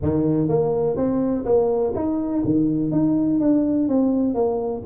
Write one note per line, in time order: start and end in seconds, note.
0.02 0.48 D#3
0.48 0.96 A#3
0.96 1.44 C4
1.45 1.93 A#3
1.95 2.43 D#4
2.44 2.91 D#3
2.91 3.39 D#4
3.39 3.88 D4
3.88 4.34 C4
4.34 4.82 A#3